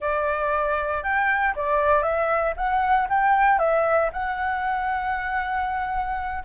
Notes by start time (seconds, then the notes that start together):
0.00 D5
1.03 G5
1.55 D5
2.03 E5
2.56 F#5
3.09 G5
3.58 E5
4.13 F#5